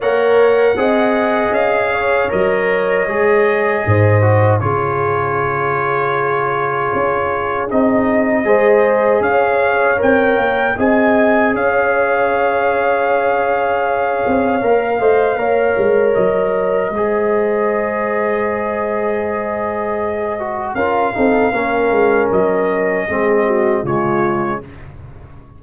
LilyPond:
<<
  \new Staff \with { instrumentName = "trumpet" } { \time 4/4 \tempo 4 = 78 fis''2 f''4 dis''4~ | dis''2 cis''2~ | cis''2 dis''2 | f''4 g''4 gis''4 f''4~ |
f''1~ | f''4 dis''2.~ | dis''2. f''4~ | f''4 dis''2 cis''4 | }
  \new Staff \with { instrumentName = "horn" } { \time 4/4 cis''4 dis''4. cis''4.~ | cis''4 c''4 gis'2~ | gis'2. c''4 | cis''2 dis''4 cis''4~ |
cis''2.~ cis''8 dis''8 | cis''2 c''2~ | c''2. ais'8 a'8 | ais'2 gis'8 fis'8 f'4 | }
  \new Staff \with { instrumentName = "trombone" } { \time 4/4 ais'4 gis'2 ais'4 | gis'4. fis'8 f'2~ | f'2 dis'4 gis'4~ | gis'4 ais'4 gis'2~ |
gis'2. ais'8 c''8 | ais'2 gis'2~ | gis'2~ gis'8 fis'8 f'8 dis'8 | cis'2 c'4 gis4 | }
  \new Staff \with { instrumentName = "tuba" } { \time 4/4 ais4 c'4 cis'4 fis4 | gis4 gis,4 cis2~ | cis4 cis'4 c'4 gis4 | cis'4 c'8 ais8 c'4 cis'4~ |
cis'2~ cis'8 c'8 ais8 a8 | ais8 gis8 fis4 gis2~ | gis2. cis'8 c'8 | ais8 gis8 fis4 gis4 cis4 | }
>>